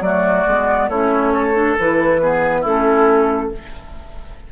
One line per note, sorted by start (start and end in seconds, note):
0.00 0.43 F#3
0.00 0.46 A3
0.00 0.89 F#4
0.00 0.89 D5
0.47 0.89 G#3
0.47 0.91 B3
0.89 1.76 A3
0.89 1.54 C#4
0.89 1.32 E4
0.89 1.76 C#5
1.34 2.20 A4
1.54 1.76 D4
1.79 2.64 E3
1.79 2.21 E4
1.79 2.65 B4
2.21 2.64 B3
2.21 2.61 G#4
2.61 3.51 A3
2.61 3.52 C#4
2.61 3.48 E4
2.61 3.52 A4